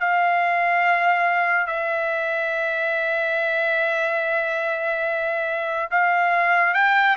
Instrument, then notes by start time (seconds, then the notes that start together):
trumpet
0.00 F5
1.67 E5
5.91 F5
6.74 G5